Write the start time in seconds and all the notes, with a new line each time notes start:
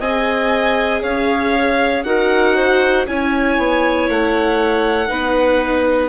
0.00 C4 G#4 D#5 G#5
1.02 C#4 C#5 F5
2.04 D#4 F#4 A#4 F#5
2.56 C5
3.07 C#4 E4 C#5 G#5
3.58 B3
4.09 A3 F#5
5.08 B3 D#4 B4